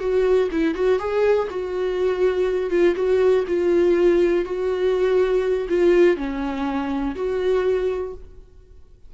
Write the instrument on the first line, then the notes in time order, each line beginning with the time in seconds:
viola
0.00 F#4
0.52 E4
0.75 F#4
0.99 G#4
1.50 F#4
2.71 F4
2.96 F#4
3.48 F4
4.45 F#4
5.69 F4
6.17 C#4
7.16 F#4